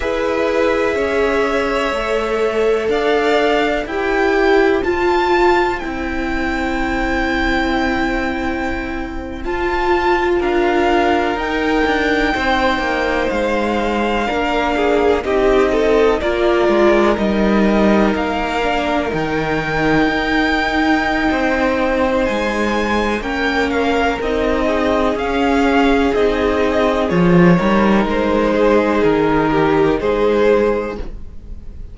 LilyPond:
<<
  \new Staff \with { instrumentName = "violin" } { \time 4/4 \tempo 4 = 62 e''2. f''4 | g''4 a''4 g''2~ | g''4.~ g''16 a''4 f''4 g''16~ | g''4.~ g''16 f''2 dis''16~ |
dis''8. d''4 dis''4 f''4 g''16~ | g''2. gis''4 | g''8 f''8 dis''4 f''4 dis''4 | cis''4 c''4 ais'4 c''4 | }
  \new Staff \with { instrumentName = "violin" } { \time 4/4 b'4 cis''2 d''4 | c''1~ | c''2~ c''8. ais'4~ ais'16~ | ais'8. c''2 ais'8 gis'8 g'16~ |
g'16 a'8 ais'2.~ ais'16~ | ais'2 c''2 | ais'4. gis'2~ gis'8~ | gis'8 ais'4 gis'4 g'8 gis'4 | }
  \new Staff \with { instrumentName = "viola" } { \time 4/4 gis'2 a'2 | g'4 f'4 e'2~ | e'4.~ e'16 f'2 dis'16~ | dis'2~ dis'8. d'4 dis'16~ |
dis'8. f'4 dis'4. d'8 dis'16~ | dis'1 | cis'4 dis'4 cis'4 dis'4 | f'8 dis'2.~ dis'8 | }
  \new Staff \with { instrumentName = "cello" } { \time 4/4 e'4 cis'4 a4 d'4 | e'4 f'4 c'2~ | c'4.~ c'16 f'4 d'4 dis'16~ | dis'16 d'8 c'8 ais8 gis4 ais4 c'16~ |
c'8. ais8 gis8 g4 ais4 dis16~ | dis8. dis'4~ dis'16 c'4 gis4 | ais4 c'4 cis'4 c'4 | f8 g8 gis4 dis4 gis4 | }
>>